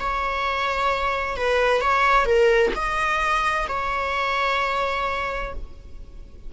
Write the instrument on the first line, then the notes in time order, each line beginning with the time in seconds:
viola
0.00 C#5
1.37 B4
1.82 C#5
2.26 A#4
2.76 D#5
3.69 C#5